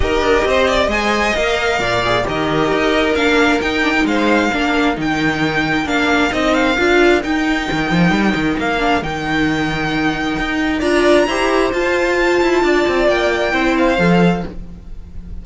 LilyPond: <<
  \new Staff \with { instrumentName = "violin" } { \time 4/4 \tempo 4 = 133 dis''2 gis''4 f''4~ | f''4 dis''2 f''4 | g''4 f''2 g''4~ | g''4 f''4 dis''8 f''4. |
g''2. f''4 | g''1 | ais''2 a''2~ | a''4 g''4. f''4. | }
  \new Staff \with { instrumentName = "violin" } { \time 4/4 ais'4 c''8 d''8 dis''2 | d''4 ais'2.~ | ais'4 c''4 ais'2~ | ais'1~ |
ais'1~ | ais'1 | d''4 c''2. | d''2 c''2 | }
  \new Staff \with { instrumentName = "viola" } { \time 4/4 g'2 c''4 ais'4~ | ais'8 gis'8 g'2 d'4 | dis'8 d'16 dis'4~ dis'16 d'4 dis'4~ | dis'4 d'4 dis'4 f'4 |
dis'2.~ dis'8 d'8 | dis'1 | f'4 g'4 f'2~ | f'2 e'4 a'4 | }
  \new Staff \with { instrumentName = "cello" } { \time 4/4 dis'8 d'8 c'4 gis4 ais4 | ais,4 dis4 dis'4 ais4 | dis'4 gis4 ais4 dis4~ | dis4 ais4 c'4 d'4 |
dis'4 dis8 f8 g8 dis8 ais4 | dis2. dis'4 | d'4 e'4 f'4. e'8 | d'8 c'8 ais4 c'4 f4 | }
>>